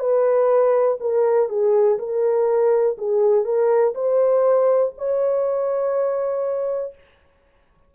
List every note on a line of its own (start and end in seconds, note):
0.00 0.98 B4
1.01 1.49 A#4
1.49 1.99 G#4
1.99 2.97 A#4
2.98 3.45 G#4
3.45 3.94 A#4
3.95 4.93 C5
4.98 6.95 C#5